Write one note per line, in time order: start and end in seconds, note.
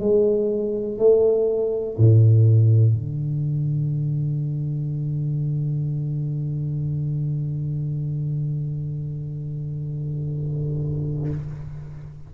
0.00 0.98 G#3
0.98 1.97 A3
1.98 2.94 A2
2.94 11.30 D3